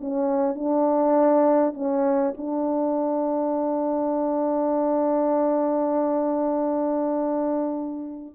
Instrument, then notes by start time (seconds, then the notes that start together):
horn
0.00 C#4
0.55 D4
1.74 C#4
2.37 D4